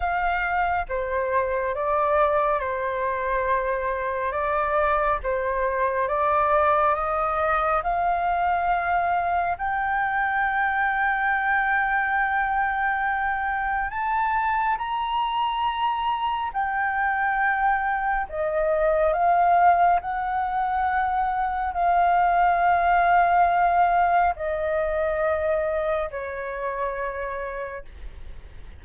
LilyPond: \new Staff \with { instrumentName = "flute" } { \time 4/4 \tempo 4 = 69 f''4 c''4 d''4 c''4~ | c''4 d''4 c''4 d''4 | dis''4 f''2 g''4~ | g''1 |
a''4 ais''2 g''4~ | g''4 dis''4 f''4 fis''4~ | fis''4 f''2. | dis''2 cis''2 | }